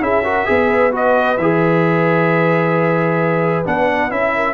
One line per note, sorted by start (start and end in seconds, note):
0.00 0.46 C#4
0.00 0.23 E4
0.00 0.24 G#4
0.00 0.93 E5
0.23 0.45 F#4
0.23 0.47 A#4
0.45 1.37 B3
0.45 0.91 G#4
0.51 4.34 B4
0.91 1.36 F#4
0.91 1.37 D#5
1.37 3.64 E3
1.37 3.65 G#4
1.37 3.64 E5
3.65 4.10 B3
3.65 4.09 D4
3.65 4.10 F#5
4.09 4.54 C#4
4.09 4.54 E4
4.09 4.54 E5
4.34 4.54 A#4